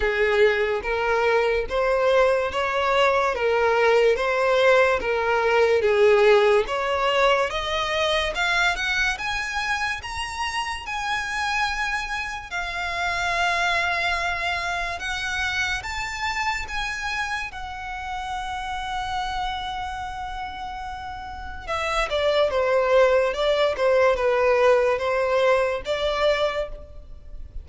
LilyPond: \new Staff \with { instrumentName = "violin" } { \time 4/4 \tempo 4 = 72 gis'4 ais'4 c''4 cis''4 | ais'4 c''4 ais'4 gis'4 | cis''4 dis''4 f''8 fis''8 gis''4 | ais''4 gis''2 f''4~ |
f''2 fis''4 a''4 | gis''4 fis''2.~ | fis''2 e''8 d''8 c''4 | d''8 c''8 b'4 c''4 d''4 | }